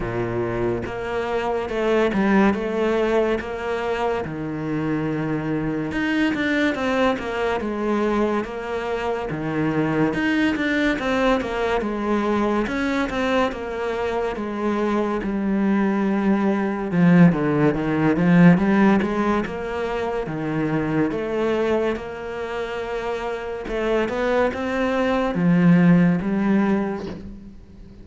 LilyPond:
\new Staff \with { instrumentName = "cello" } { \time 4/4 \tempo 4 = 71 ais,4 ais4 a8 g8 a4 | ais4 dis2 dis'8 d'8 | c'8 ais8 gis4 ais4 dis4 | dis'8 d'8 c'8 ais8 gis4 cis'8 c'8 |
ais4 gis4 g2 | f8 d8 dis8 f8 g8 gis8 ais4 | dis4 a4 ais2 | a8 b8 c'4 f4 g4 | }